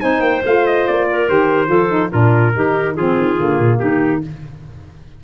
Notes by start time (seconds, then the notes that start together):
0.00 C4 D#4 C5 G#5
0.20 A#3 G5
0.44 A3 F4 F5
0.66 D#5
0.87 A#3 D5
1.10 A#4
1.27 D#3 G4 C5
1.66 F3 F4 A4
1.88 D#4
2.10 A#2 D4 F4 A#4
2.54 D#3 D#4 G4
2.94 F3 C4 F4 G#4
3.17 D#3
3.37 D3 A#3
3.59 A#2
3.79 D#3 D#4 G4